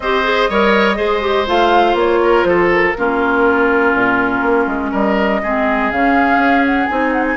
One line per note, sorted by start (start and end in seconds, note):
0.00 0.48 C4
0.00 0.23 G4
0.00 0.49 C5
0.00 1.47 D#5
0.23 0.48 G#4
0.49 0.98 G3
0.49 0.95 A#4
0.49 0.96 C#5
0.95 1.48 G#3
0.95 1.20 G#4
0.95 2.19 C5
1.20 1.45 G4
1.47 1.94 A3
1.47 2.94 F4
1.47 1.97 F5
1.94 2.43 A#3
1.94 2.43 C#5
2.22 2.47 A#4
2.43 2.93 F3
2.43 2.97 A4
2.43 2.68 C5
2.72 4.92 A#4
2.97 3.93 A#3
2.97 5.43 C#4
2.97 4.91 F4
3.93 4.41 A#2
4.41 4.66 A#3
4.66 4.91 G#3
4.91 5.42 G3
4.91 5.40 A#4
4.91 5.91 D#5
5.43 5.91 G#3
5.43 5.92 C4
5.43 7.36 G#4
5.91 6.36 C#3
5.91 6.88 C#4
5.91 6.65 F5
6.36 6.85 C#4
6.65 6.86 F#5
6.86 7.36 C4
6.86 7.36 D#4
6.86 7.11 G#5
7.11 7.24 F#5
7.25 7.36 G#5